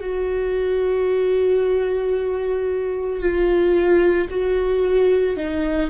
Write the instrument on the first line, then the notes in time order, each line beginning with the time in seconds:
viola
0.00 F#4
3.20 F4
4.30 F#4
5.36 D#4